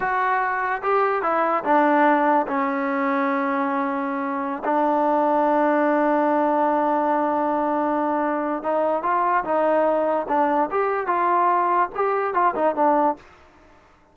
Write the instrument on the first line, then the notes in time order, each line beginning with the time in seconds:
trombone
0.00 F#4
0.82 G4
1.22 E4
1.64 D4
2.47 C#4
4.64 D4
8.62 D#4
9.03 F4
9.44 D#4
10.28 D4
10.70 G4
11.07 F4
11.95 G4
12.33 F4
12.55 D#4
12.75 D4